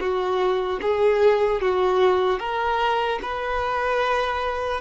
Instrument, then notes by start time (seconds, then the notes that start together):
violin
0.00 F#4
0.82 G#4
1.62 F#4
2.40 A#4
3.22 B4